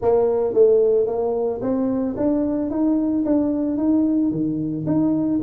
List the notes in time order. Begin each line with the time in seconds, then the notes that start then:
0.01 A#3
0.53 A3
1.06 A#3
1.61 C4
2.16 D4
2.70 D#4
3.25 D4
3.77 D#4
4.31 D#3
4.86 D#4